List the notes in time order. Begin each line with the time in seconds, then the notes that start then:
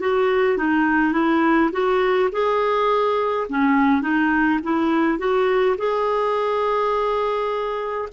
0.00 F#4
0.58 D#4
1.13 E4
1.72 F#4
2.32 G#4
3.49 C#4
4.02 D#4
4.63 E4
5.18 F#4
5.77 G#4